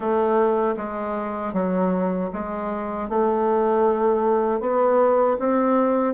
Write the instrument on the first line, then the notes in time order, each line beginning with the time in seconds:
bassoon
0.00 A3
0.76 G#3
1.53 F#3
2.33 G#3
3.09 A3
4.60 B3
5.39 C4